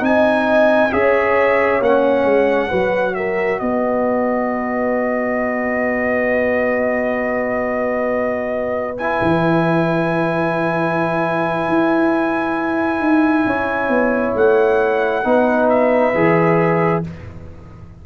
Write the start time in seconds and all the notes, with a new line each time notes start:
0.00 C4 D#4 G#5
0.07 D#5
0.93 C#4 G#4 C#5 E5
1.81 A#3 C#4 F#5
2.25 G#3
2.69 F#3 F#4 B4
3.15 A#4 E5
3.60 B3 B4 D#5
8.98 E4 G#5
9.23 E3
11.69 E4
13.00 D#4
13.46 C#4 C#5
13.89 B3
14.36 A3 F#5
15.24 B3 D#4 B4
15.70 E5
16.14 E3 G#4